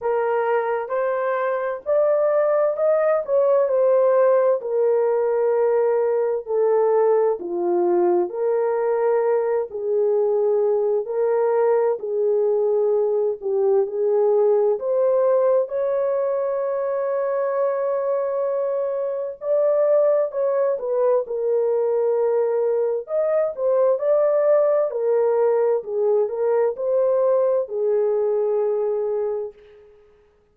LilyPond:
\new Staff \with { instrumentName = "horn" } { \time 4/4 \tempo 4 = 65 ais'4 c''4 d''4 dis''8 cis''8 | c''4 ais'2 a'4 | f'4 ais'4. gis'4. | ais'4 gis'4. g'8 gis'4 |
c''4 cis''2.~ | cis''4 d''4 cis''8 b'8 ais'4~ | ais'4 dis''8 c''8 d''4 ais'4 | gis'8 ais'8 c''4 gis'2 | }